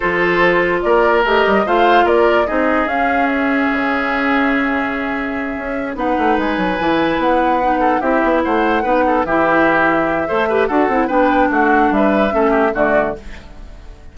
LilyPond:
<<
  \new Staff \with { instrumentName = "flute" } { \time 4/4 \tempo 4 = 146 c''2 d''4 dis''4 | f''4 d''4 dis''4 f''4 | e''1~ | e''2~ e''8 fis''4 gis''8~ |
gis''4. fis''2 e''8~ | e''8 fis''2 e''4.~ | e''2 fis''4 g''4 | fis''4 e''2 d''4 | }
  \new Staff \with { instrumentName = "oboe" } { \time 4/4 a'2 ais'2 | c''4 ais'4 gis'2~ | gis'1~ | gis'2~ gis'8 b'4.~ |
b'2. a'8 g'8~ | g'8 c''4 b'8 a'8 g'4.~ | g'4 c''8 b'8 a'4 b'4 | fis'4 b'4 a'8 g'8 fis'4 | }
  \new Staff \with { instrumentName = "clarinet" } { \time 4/4 f'2. g'4 | f'2 dis'4 cis'4~ | cis'1~ | cis'2~ cis'8 dis'4.~ |
dis'8 e'2 dis'4 e'8~ | e'4. dis'4 e'4.~ | e'4 a'8 g'8 fis'8 e'8 d'4~ | d'2 cis'4 a4 | }
  \new Staff \with { instrumentName = "bassoon" } { \time 4/4 f2 ais4 a8 g8 | a4 ais4 c'4 cis'4~ | cis'4 cis2.~ | cis4. cis'4 b8 a8 gis8 |
fis8 e4 b2 c'8 | b8 a4 b4 e4.~ | e4 a4 d'8 c'8 b4 | a4 g4 a4 d4 | }
>>